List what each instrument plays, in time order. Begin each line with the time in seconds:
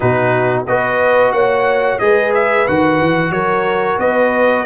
0.00 tuba B2, trombone D#4, horn F#4, trumpet B4
0.66 tuba B3, trombone F#4, horn B4, trumpet D#5
1.32 tuba A#3, horn C#5, trumpet F#5
1.98 tuba G#3, trombone G#4, horn B4, trumpet D#5
2.34 trumpet E5
2.67 tuba D#3, trombone F#4, trumpet F#5
3.00 tuba E3
3.29 tuba F#3, horn A#4, trumpet C#5
3.98 tuba B3, horn B4, trumpet D#5